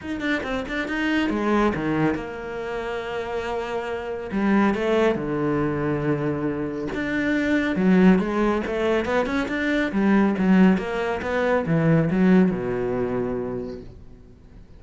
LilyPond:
\new Staff \with { instrumentName = "cello" } { \time 4/4 \tempo 4 = 139 dis'8 d'8 c'8 d'8 dis'4 gis4 | dis4 ais2.~ | ais2 g4 a4 | d1 |
d'2 fis4 gis4 | a4 b8 cis'8 d'4 g4 | fis4 ais4 b4 e4 | fis4 b,2. | }